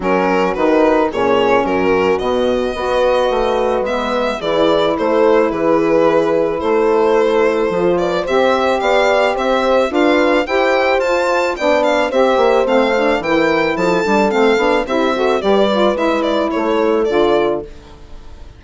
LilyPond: <<
  \new Staff \with { instrumentName = "violin" } { \time 4/4 \tempo 4 = 109 ais'4 b'4 cis''4 ais'4 | dis''2. e''4 | d''4 c''4 b'2 | c''2~ c''8 d''8 e''4 |
f''4 e''4 f''4 g''4 | a''4 g''8 f''8 e''4 f''4 | g''4 a''4 f''4 e''4 | d''4 e''8 d''8 cis''4 d''4 | }
  \new Staff \with { instrumentName = "horn" } { \time 4/4 fis'2 gis'4 fis'4~ | fis'4 b'2. | gis'4 a'4 gis'2 | a'2~ a'8 b'8 c''4 |
d''4 c''4 b'4 c''4~ | c''4 d''4 c''2 | ais'4 a'2 g'8 a'8 | b'2 a'2 | }
  \new Staff \with { instrumentName = "saxophone" } { \time 4/4 cis'4 dis'4 cis'2 | b4 fis'2 b4 | e'1~ | e'2 f'4 g'4~ |
g'2 f'4 g'4 | f'4 d'4 g'4 c'8 d'8 | e'4. d'8 c'8 d'8 e'8 fis'8 | g'8 f'8 e'2 f'4 | }
  \new Staff \with { instrumentName = "bassoon" } { \time 4/4 fis4 dis4 ais,4 fis,4 | b,4 b4 a4 gis4 | e4 a4 e2 | a2 f4 c'4 |
b4 c'4 d'4 e'4 | f'4 b4 c'8 ais8 a4 | e4 f8 g8 a8 b8 c'4 | g4 gis4 a4 d4 | }
>>